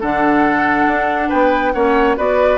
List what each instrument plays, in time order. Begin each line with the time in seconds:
0.00 bassoon D3, clarinet D4, oboe A4, flute F#5
0.86 bassoon D4
1.28 bassoon B3, oboe B4, flute G5
1.72 bassoon A#3, clarinet C#4, oboe C#5, flute F#5
2.16 bassoon B3, clarinet F#4, oboe B4, flute D5